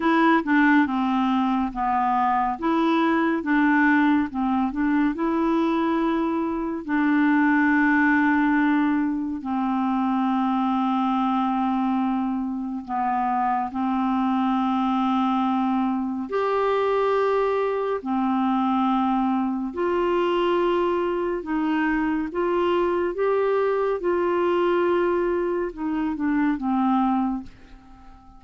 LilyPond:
\new Staff \with { instrumentName = "clarinet" } { \time 4/4 \tempo 4 = 70 e'8 d'8 c'4 b4 e'4 | d'4 c'8 d'8 e'2 | d'2. c'4~ | c'2. b4 |
c'2. g'4~ | g'4 c'2 f'4~ | f'4 dis'4 f'4 g'4 | f'2 dis'8 d'8 c'4 | }